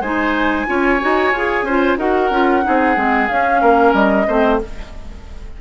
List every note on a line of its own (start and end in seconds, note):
0.00 0.65 G#3
0.00 0.66 D#4
0.00 0.66 C5
0.00 1.97 G#5
0.66 1.01 C#4
0.66 0.99 F4
0.66 1.65 C#5
1.00 1.32 D#4
1.00 1.33 F#4
1.32 1.62 F4
1.32 1.67 G#4
1.62 1.95 C#4
1.62 1.97 C5
1.68 1.98 F4
1.97 2.30 D#4
1.97 2.30 F#4
1.97 2.64 A#4
1.97 3.27 F#5
2.30 2.62 C#4
2.30 2.62 F4
2.62 2.96 C4
2.62 2.95 D#4
2.62 3.61 G#4
2.95 3.29 G#3
2.95 3.28 C4
3.27 3.62 C#4
3.27 4.27 C#4
3.27 3.92 F5
3.61 3.93 A#3
3.61 4.26 A#4
3.93 4.26 G3
3.93 4.58 D#5
4.27 4.60 A3
4.27 4.60 C4
4.27 4.59 C5